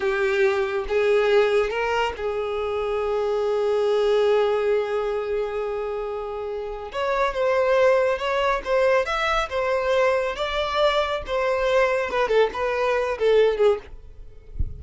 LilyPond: \new Staff \with { instrumentName = "violin" } { \time 4/4 \tempo 4 = 139 g'2 gis'2 | ais'4 gis'2.~ | gis'1~ | gis'1 |
cis''4 c''2 cis''4 | c''4 e''4 c''2 | d''2 c''2 | b'8 a'8 b'4. a'4 gis'8 | }